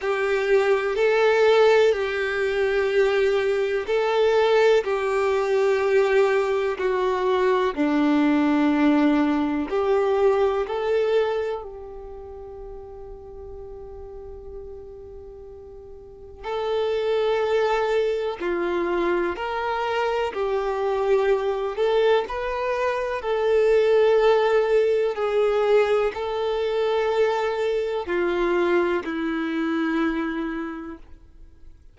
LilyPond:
\new Staff \with { instrumentName = "violin" } { \time 4/4 \tempo 4 = 62 g'4 a'4 g'2 | a'4 g'2 fis'4 | d'2 g'4 a'4 | g'1~ |
g'4 a'2 f'4 | ais'4 g'4. a'8 b'4 | a'2 gis'4 a'4~ | a'4 f'4 e'2 | }